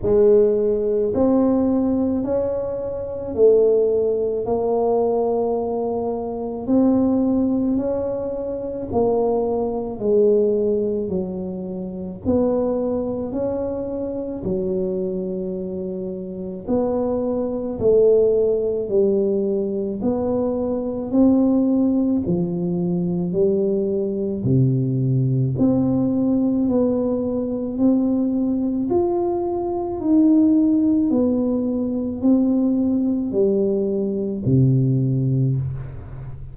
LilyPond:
\new Staff \with { instrumentName = "tuba" } { \time 4/4 \tempo 4 = 54 gis4 c'4 cis'4 a4 | ais2 c'4 cis'4 | ais4 gis4 fis4 b4 | cis'4 fis2 b4 |
a4 g4 b4 c'4 | f4 g4 c4 c'4 | b4 c'4 f'4 dis'4 | b4 c'4 g4 c4 | }